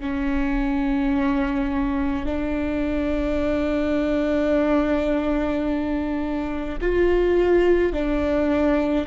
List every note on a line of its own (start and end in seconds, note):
0.00 2.26 C#4
2.26 6.79 D4
6.81 7.93 F4
7.93 9.06 D4